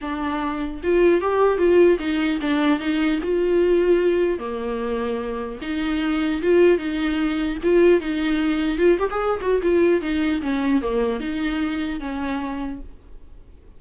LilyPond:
\new Staff \with { instrumentName = "viola" } { \time 4/4 \tempo 4 = 150 d'2 f'4 g'4 | f'4 dis'4 d'4 dis'4 | f'2. ais4~ | ais2 dis'2 |
f'4 dis'2 f'4 | dis'2 f'8 g'16 gis'8. fis'8 | f'4 dis'4 cis'4 ais4 | dis'2 cis'2 | }